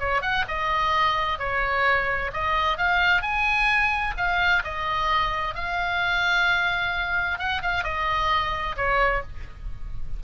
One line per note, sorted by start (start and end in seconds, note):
0.00 0.22 C#5
0.22 0.45 F#5
0.48 1.39 D#5
1.39 2.31 C#5
2.33 2.78 D#5
2.78 3.22 F5
3.22 4.15 G#5
4.17 4.63 F5
4.64 5.55 D#5
5.55 7.39 F5
7.39 7.62 F#5
7.62 7.84 F5
7.84 8.76 D#5
8.77 9.23 C#5